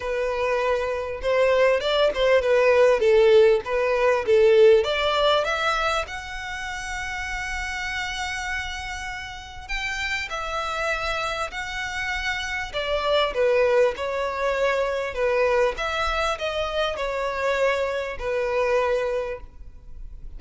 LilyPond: \new Staff \with { instrumentName = "violin" } { \time 4/4 \tempo 4 = 99 b'2 c''4 d''8 c''8 | b'4 a'4 b'4 a'4 | d''4 e''4 fis''2~ | fis''1 |
g''4 e''2 fis''4~ | fis''4 d''4 b'4 cis''4~ | cis''4 b'4 e''4 dis''4 | cis''2 b'2 | }